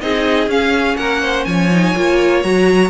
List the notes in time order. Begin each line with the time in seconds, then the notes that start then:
0.00 C4 D#4 G#4 D#5
0.47 C#4 F5
0.96 A#3 A#4 F#5
1.22 C5
1.44 F3 C#5 G#5
1.71 D#4
1.95 A#3 F4
2.42 F#3 F#4 A#5